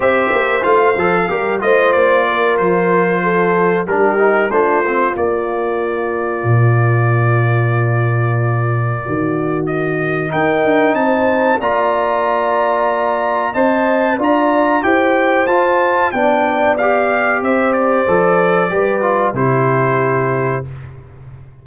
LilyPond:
<<
  \new Staff \with { instrumentName = "trumpet" } { \time 4/4 \tempo 4 = 93 e''4 f''4. dis''8 d''4 | c''2 ais'4 c''4 | d''1~ | d''2. dis''4 |
g''4 a''4 ais''2~ | ais''4 a''4 ais''4 g''4 | a''4 g''4 f''4 e''8 d''8~ | d''2 c''2 | }
  \new Staff \with { instrumentName = "horn" } { \time 4/4 c''2 ais'8 c''4 ais'8~ | ais'4 a'4 g'4 f'4~ | f'1~ | f'2 fis'2 |
ais'4 c''4 d''2~ | d''4 dis''4 d''4 c''4~ | c''4 d''2 c''4~ | c''4 b'4 g'2 | }
  \new Staff \with { instrumentName = "trombone" } { \time 4/4 g'4 f'8 a'8 g'8 f'4.~ | f'2 d'8 dis'8 d'8 c'8 | ais1~ | ais1 |
dis'2 f'2~ | f'4 c''4 f'4 g'4 | f'4 d'4 g'2 | a'4 g'8 f'8 e'2 | }
  \new Staff \with { instrumentName = "tuba" } { \time 4/4 c'8 ais8 a8 f8 g8 a8 ais4 | f2 g4 a4 | ais2 ais,2~ | ais,2 dis2 |
dis'8 d'8 c'4 ais2~ | ais4 c'4 d'4 e'4 | f'4 b2 c'4 | f4 g4 c2 | }
>>